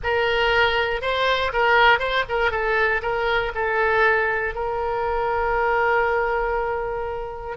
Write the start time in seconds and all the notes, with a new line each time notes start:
0.03 A#4
1.01 C5
1.52 A#4
1.99 C5
2.28 A#4
2.51 A4
3.02 A#4
3.55 A4
4.54 A#4